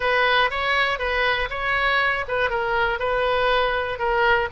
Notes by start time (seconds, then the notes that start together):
0.00 B4
0.50 C#5
0.98 B4
1.50 C#5
2.27 B4
2.50 A#4
2.99 B4
3.98 A#4